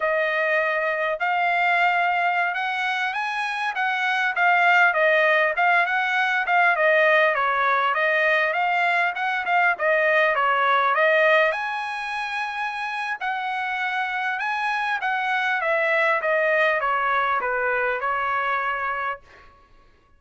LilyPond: \new Staff \with { instrumentName = "trumpet" } { \time 4/4 \tempo 4 = 100 dis''2 f''2~ | f''16 fis''4 gis''4 fis''4 f''8.~ | f''16 dis''4 f''8 fis''4 f''8 dis''8.~ | dis''16 cis''4 dis''4 f''4 fis''8 f''16~ |
f''16 dis''4 cis''4 dis''4 gis''8.~ | gis''2 fis''2 | gis''4 fis''4 e''4 dis''4 | cis''4 b'4 cis''2 | }